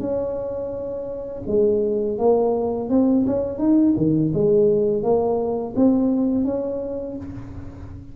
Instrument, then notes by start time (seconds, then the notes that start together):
tuba
0.00 C#4
1.47 G#3
2.18 A#3
2.90 C4
3.27 C#4
3.58 D#4
3.97 D#3
4.34 G#3
5.03 A#3
5.76 C4
6.45 C#4